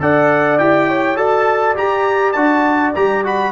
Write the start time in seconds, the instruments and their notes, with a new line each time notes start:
0.00 tuba D4, trombone A4, horn D5, trumpet F#5
0.58 tuba E4, trombone G4, trumpet G5
0.88 horn C#5
1.16 tuba F#4, trombone A4, horn D5, trumpet A5
1.75 trombone G4, tuba G4, trumpet A#5
2.32 tuba D4, trombone F#4, trumpet A5
2.95 tuba G3, trombone G4, trumpet A#5
3.24 trombone F#4, trumpet B5